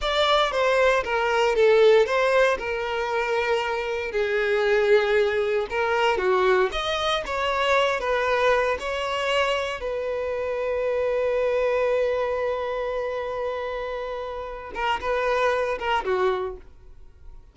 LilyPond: \new Staff \with { instrumentName = "violin" } { \time 4/4 \tempo 4 = 116 d''4 c''4 ais'4 a'4 | c''4 ais'2. | gis'2. ais'4 | fis'4 dis''4 cis''4. b'8~ |
b'4 cis''2 b'4~ | b'1~ | b'1~ | b'8 ais'8 b'4. ais'8 fis'4 | }